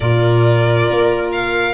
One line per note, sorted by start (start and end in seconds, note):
0.00 0.87 A#2
0.00 1.73 F4
0.00 1.73 A#4
0.00 1.31 D5
0.90 1.73 A#3
1.31 1.73 F5